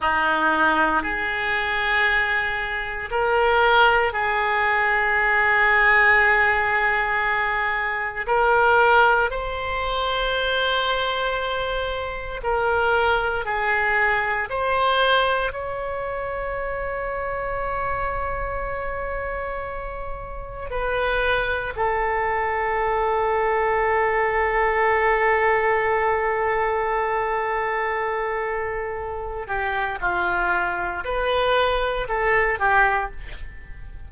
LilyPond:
\new Staff \with { instrumentName = "oboe" } { \time 4/4 \tempo 4 = 58 dis'4 gis'2 ais'4 | gis'1 | ais'4 c''2. | ais'4 gis'4 c''4 cis''4~ |
cis''1 | b'4 a'2.~ | a'1~ | a'8 g'8 f'4 b'4 a'8 g'8 | }